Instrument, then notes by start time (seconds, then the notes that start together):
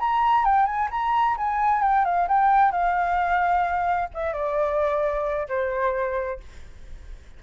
flute
0.00 A#5
0.45 G5
0.66 G#5
0.91 A#5
1.37 G#5
1.82 G5
2.05 F5
2.28 G5
2.72 F5
4.14 E5
4.33 D5
5.49 C5